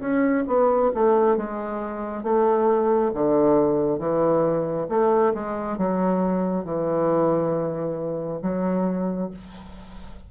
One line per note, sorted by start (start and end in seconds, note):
0.00 0.44 C#4
0.47 0.91 B3
0.94 1.36 A3
1.36 2.23 G#3
2.23 3.11 A3
3.14 3.99 D3
3.99 4.87 E3
4.89 5.33 A3
5.34 5.77 G#3
5.77 6.64 F#3
6.64 8.41 E3
8.42 9.30 F#3